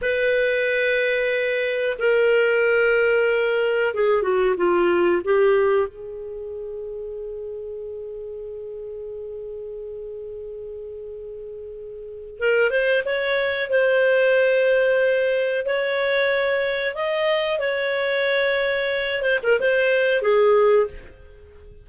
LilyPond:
\new Staff \with { instrumentName = "clarinet" } { \time 4/4 \tempo 4 = 92 b'2. ais'4~ | ais'2 gis'8 fis'8 f'4 | g'4 gis'2.~ | gis'1~ |
gis'2. ais'8 c''8 | cis''4 c''2. | cis''2 dis''4 cis''4~ | cis''4. c''16 ais'16 c''4 gis'4 | }